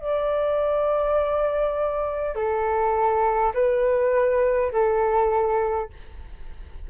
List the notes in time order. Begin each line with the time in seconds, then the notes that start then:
0.00 D5
2.35 A4
3.54 B4
4.72 A4